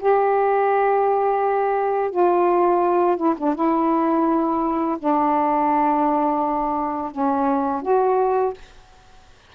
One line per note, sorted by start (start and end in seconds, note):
0.00 2.11 G4
2.11 3.17 F4
3.17 3.35 E4
3.38 3.55 D4
3.55 4.98 E4
4.99 7.11 D4
7.11 7.82 C#4
7.82 8.54 F#4